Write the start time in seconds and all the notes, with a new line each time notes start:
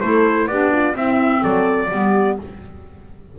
0.00 A3 E4 A4 C5
0.46 B3 D4 G4 D5
0.72 F4
0.93 C4 E4 E5
1.41 F#3 A4 D5
1.90 G3 B3 G4